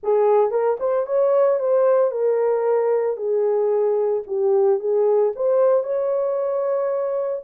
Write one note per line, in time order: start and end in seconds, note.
0.03 0.50 G#4
0.50 0.77 A#4
0.79 1.06 C5
1.06 1.59 C#5
1.59 2.11 C5
2.11 3.16 A#4
3.16 4.23 G#4
4.26 4.79 G4
4.79 5.32 G#4
5.35 5.83 C5
5.83 7.43 C#5